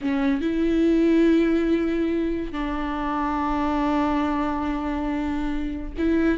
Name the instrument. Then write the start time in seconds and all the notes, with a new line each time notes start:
viola
0.01 C#4
0.41 E4
2.52 D4
5.97 E4